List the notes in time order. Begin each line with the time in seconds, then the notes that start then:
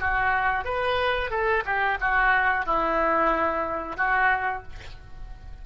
0.00 F#4
0.65 B4
1.31 A4
1.65 G4
2.01 F#4
2.66 E4
3.97 F#4